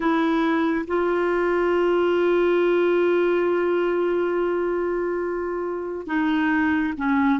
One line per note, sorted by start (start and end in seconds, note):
0.00 0.85 E4
0.87 6.06 F4
6.06 6.93 D#4
6.97 7.39 C#4